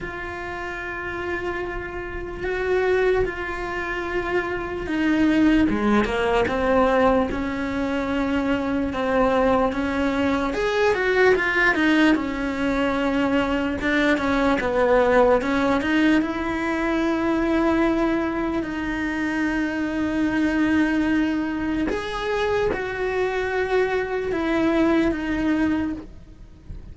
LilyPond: \new Staff \with { instrumentName = "cello" } { \time 4/4 \tempo 4 = 74 f'2. fis'4 | f'2 dis'4 gis8 ais8 | c'4 cis'2 c'4 | cis'4 gis'8 fis'8 f'8 dis'8 cis'4~ |
cis'4 d'8 cis'8 b4 cis'8 dis'8 | e'2. dis'4~ | dis'2. gis'4 | fis'2 e'4 dis'4 | }